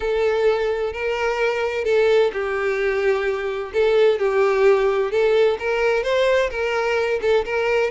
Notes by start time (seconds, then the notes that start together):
0.00 A4
0.92 A#4
1.84 A4
2.33 G4
3.73 A4
4.18 G4
5.11 A4
5.59 A#4
6.03 C5
6.50 A#4
7.21 A4
7.45 A#4